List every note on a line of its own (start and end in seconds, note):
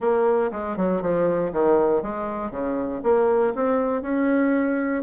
0.00 0.51 A#3
0.51 0.76 G#3
0.77 1.01 F#3
1.01 1.51 F3
1.52 2.02 D#3
2.02 2.50 G#3
2.50 3.01 C#3
3.03 3.53 A#3
3.55 4.02 C4
4.02 5.03 C#4